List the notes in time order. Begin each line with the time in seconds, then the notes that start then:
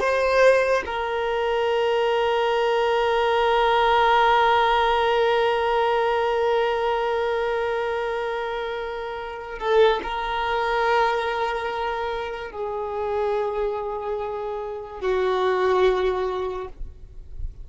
0.00 C5
0.86 A#4
9.59 A4
10.04 A#4
12.52 G#4
15.02 F#4